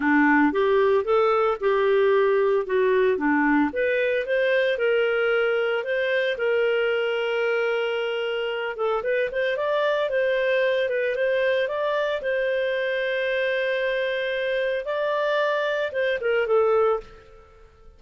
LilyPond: \new Staff \with { instrumentName = "clarinet" } { \time 4/4 \tempo 4 = 113 d'4 g'4 a'4 g'4~ | g'4 fis'4 d'4 b'4 | c''4 ais'2 c''4 | ais'1~ |
ais'8 a'8 b'8 c''8 d''4 c''4~ | c''8 b'8 c''4 d''4 c''4~ | c''1 | d''2 c''8 ais'8 a'4 | }